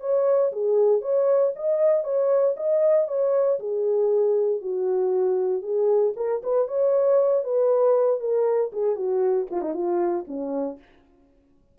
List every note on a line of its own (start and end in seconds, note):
0.00 0.51 C#5
0.52 1.01 G#4
1.01 1.52 C#5
1.55 2.03 D#5
2.03 2.55 C#5
2.56 3.07 D#5
3.07 3.59 C#5
3.59 4.61 G#4
4.61 5.62 F#4
5.62 6.13 G#4
6.16 6.41 A#4
6.43 6.67 B4
6.67 7.44 C#5
7.44 8.20 B4
8.20 8.71 A#4
8.72 8.95 G#4
8.95 9.47 F#4
9.50 9.61 F4
9.61 9.73 D#4
9.73 10.25 F4
10.27 10.78 C#4